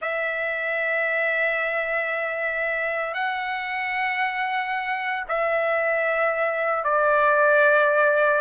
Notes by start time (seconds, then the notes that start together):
0.01 E5
3.13 F#5
5.28 E5
6.84 D5